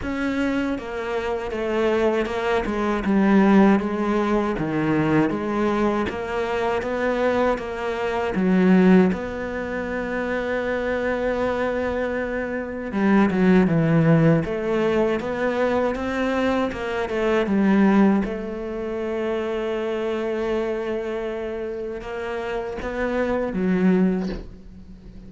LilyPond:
\new Staff \with { instrumentName = "cello" } { \time 4/4 \tempo 4 = 79 cis'4 ais4 a4 ais8 gis8 | g4 gis4 dis4 gis4 | ais4 b4 ais4 fis4 | b1~ |
b4 g8 fis8 e4 a4 | b4 c'4 ais8 a8 g4 | a1~ | a4 ais4 b4 fis4 | }